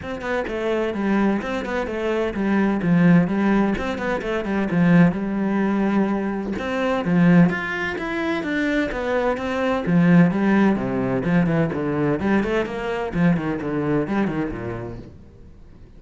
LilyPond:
\new Staff \with { instrumentName = "cello" } { \time 4/4 \tempo 4 = 128 c'8 b8 a4 g4 c'8 b8 | a4 g4 f4 g4 | c'8 b8 a8 g8 f4 g4~ | g2 c'4 f4 |
f'4 e'4 d'4 b4 | c'4 f4 g4 c4 | f8 e8 d4 g8 a8 ais4 | f8 dis8 d4 g8 dis8 ais,4 | }